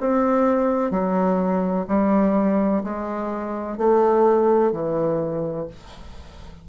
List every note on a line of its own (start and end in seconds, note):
0.00 0.90 C4
0.90 1.86 F#3
1.87 2.83 G3
2.84 3.77 G#3
3.77 4.72 A3
4.72 5.67 E3